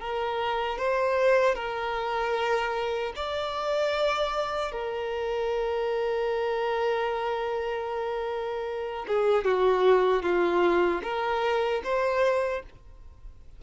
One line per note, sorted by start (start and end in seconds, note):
0.00 0.78 A#4
0.78 1.55 C5
1.55 3.13 A#4
3.16 4.72 D5
4.72 9.06 A#4
9.07 9.44 G#4
9.44 10.23 F#4
10.23 11.02 F4
11.03 11.82 A#4
11.84 12.63 C5